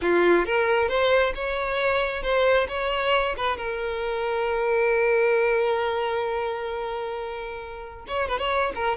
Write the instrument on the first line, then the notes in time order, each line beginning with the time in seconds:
violin
0.01 F4
0.45 A#4
0.88 C5
1.34 C#5
2.22 C5
2.68 C#5
3.37 B4
3.57 A#4
8.07 C#5
8.28 B4
8.38 C#5
8.75 A#4